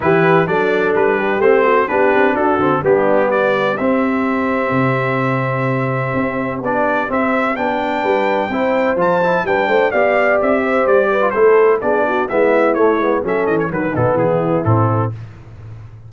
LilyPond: <<
  \new Staff \with { instrumentName = "trumpet" } { \time 4/4 \tempo 4 = 127 b'4 d''4 b'4 c''4 | b'4 a'4 g'4 d''4 | e''1~ | e''2 d''4 e''4 |
g''2. a''4 | g''4 f''4 e''4 d''4 | c''4 d''4 e''4 cis''4 | e''8 dis''16 cis''16 b'8 a'8 gis'4 a'4 | }
  \new Staff \with { instrumentName = "horn" } { \time 4/4 g'4 a'4. g'4 fis'8 | g'4 fis'4 d'4 g'4~ | g'1~ | g'1~ |
g'4 b'4 c''2 | b'8 c''8 d''4. c''4 b'8 | a'4 gis'8 fis'8 e'2 | a'4 b'8 dis'8 e'2 | }
  \new Staff \with { instrumentName = "trombone" } { \time 4/4 e'4 d'2 c'4 | d'4. c'8 b2 | c'1~ | c'2 d'4 c'4 |
d'2 e'4 f'8 e'8 | d'4 g'2~ g'8. f'16 | e'4 d'4 b4 a8 b8 | cis'4 fis8 b4. c'4 | }
  \new Staff \with { instrumentName = "tuba" } { \time 4/4 e4 fis4 g4 a4 | b8 c'8 d'8 d8 g2 | c'2 c2~ | c4 c'4 b4 c'4 |
b4 g4 c'4 f4 | g8 a8 b4 c'4 g4 | a4 b4 gis4 a8 gis8 | fis8 e8 dis8 b,8 e4 a,4 | }
>>